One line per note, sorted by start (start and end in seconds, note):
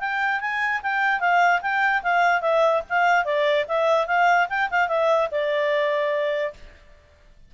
0.00 0.41 G5
0.41 0.82 G#5
0.83 1.20 G5
1.20 1.61 F5
1.62 2.03 G5
2.03 2.42 F5
2.42 2.83 E5
2.89 3.25 F5
3.25 3.66 D5
3.68 4.07 E5
4.07 4.48 F5
4.50 4.70 G5
4.71 4.88 F5
4.88 5.29 E5
5.32 6.54 D5